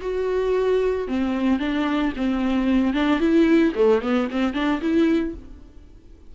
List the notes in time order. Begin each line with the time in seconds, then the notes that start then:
0.00 F#4
1.07 C4
1.59 D4
2.16 C4
2.93 D4
3.19 E4
3.75 A3
4.01 B3
4.30 C4
4.53 D4
4.81 E4